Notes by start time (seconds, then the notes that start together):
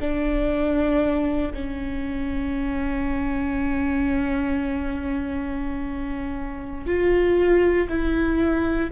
0.00 D4
1.53 C#4
6.86 F4
7.88 E4